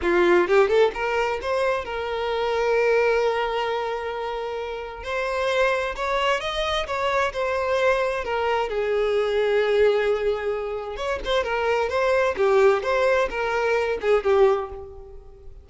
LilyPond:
\new Staff \with { instrumentName = "violin" } { \time 4/4 \tempo 4 = 131 f'4 g'8 a'8 ais'4 c''4 | ais'1~ | ais'2. c''4~ | c''4 cis''4 dis''4 cis''4 |
c''2 ais'4 gis'4~ | gis'1 | cis''8 c''8 ais'4 c''4 g'4 | c''4 ais'4. gis'8 g'4 | }